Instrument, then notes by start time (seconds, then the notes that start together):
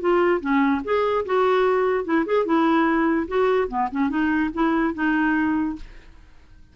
clarinet
0.00 F4
0.40 C#4
0.84 G#4
1.25 F#4
2.04 E4
2.26 G#4
2.45 E4
3.28 F#4
3.68 B3
3.91 C#4
4.09 D#4
4.53 E4
4.94 D#4